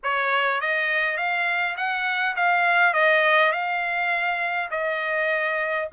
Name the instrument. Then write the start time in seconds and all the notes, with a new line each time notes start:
trumpet
0.03 C#5
0.60 D#5
1.17 F5
1.76 F#5
2.35 F5
2.93 D#5
3.51 F5
4.71 D#5